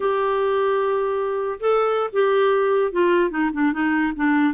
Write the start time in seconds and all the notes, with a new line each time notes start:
0.00 G4
1.60 A4
2.13 G4
2.92 F4
3.30 D#4
3.53 D4
3.72 D#4
4.15 D4